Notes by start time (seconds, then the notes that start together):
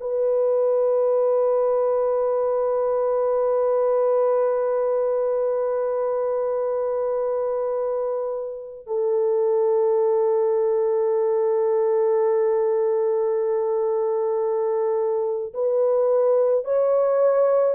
0.00 B4
8.87 A4
15.54 B4
16.65 C#5